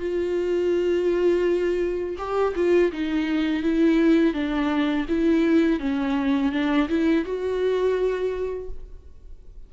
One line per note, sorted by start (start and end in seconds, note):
0.00 2.17 F4
2.19 2.55 G4
2.56 2.92 F4
2.92 3.63 D#4
3.63 4.34 E4
4.34 5.06 D4
5.09 5.80 E4
5.80 6.52 C#4
6.53 6.89 D4
6.89 7.25 E4
7.25 8.70 F#4